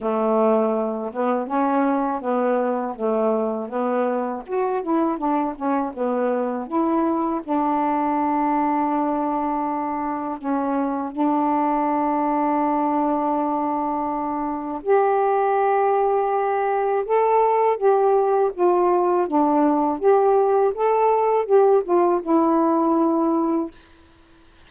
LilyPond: \new Staff \with { instrumentName = "saxophone" } { \time 4/4 \tempo 4 = 81 a4. b8 cis'4 b4 | a4 b4 fis'8 e'8 d'8 cis'8 | b4 e'4 d'2~ | d'2 cis'4 d'4~ |
d'1 | g'2. a'4 | g'4 f'4 d'4 g'4 | a'4 g'8 f'8 e'2 | }